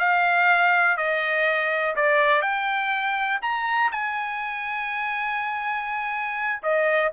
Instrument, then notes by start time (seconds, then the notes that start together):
trumpet
0.00 F5
0.97 D#5
1.96 D5
2.42 G5
3.42 A#5
3.92 G#5
6.63 D#5